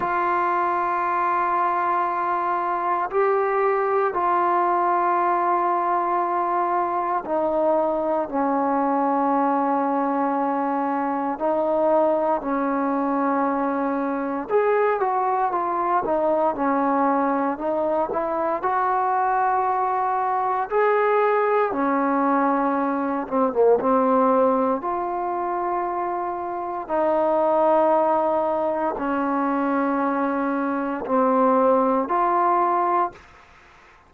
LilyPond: \new Staff \with { instrumentName = "trombone" } { \time 4/4 \tempo 4 = 58 f'2. g'4 | f'2. dis'4 | cis'2. dis'4 | cis'2 gis'8 fis'8 f'8 dis'8 |
cis'4 dis'8 e'8 fis'2 | gis'4 cis'4. c'16 ais16 c'4 | f'2 dis'2 | cis'2 c'4 f'4 | }